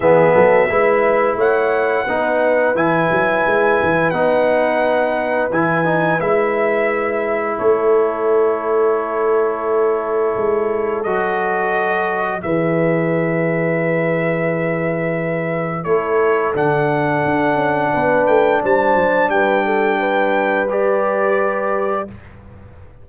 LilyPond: <<
  \new Staff \with { instrumentName = "trumpet" } { \time 4/4 \tempo 4 = 87 e''2 fis''2 | gis''2 fis''2 | gis''4 e''2 cis''4~ | cis''1 |
dis''2 e''2~ | e''2. cis''4 | fis''2~ fis''8 g''8 a''4 | g''2 d''2 | }
  \new Staff \with { instrumentName = "horn" } { \time 4/4 gis'8 a'8 b'4 cis''4 b'4~ | b'1~ | b'2. a'4~ | a'1~ |
a'2 b'2~ | b'2. a'4~ | a'2 b'4 c''4 | b'8 a'8 b'2. | }
  \new Staff \with { instrumentName = "trombone" } { \time 4/4 b4 e'2 dis'4 | e'2 dis'2 | e'8 dis'8 e'2.~ | e'1 |
fis'2 gis'2~ | gis'2. e'4 | d'1~ | d'2 g'2 | }
  \new Staff \with { instrumentName = "tuba" } { \time 4/4 e8 fis8 gis4 a4 b4 | e8 fis8 gis8 e8 b2 | e4 gis2 a4~ | a2. gis4 |
fis2 e2~ | e2. a4 | d4 d'8 cis'8 b8 a8 g8 fis8 | g1 | }
>>